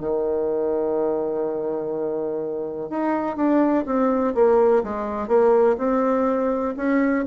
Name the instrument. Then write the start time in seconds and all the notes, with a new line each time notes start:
bassoon
0.00 D#3
2.90 D#4
3.37 D4
3.86 C4
4.35 A#3
4.83 G#3
5.28 A#3
5.78 C4
6.77 C#4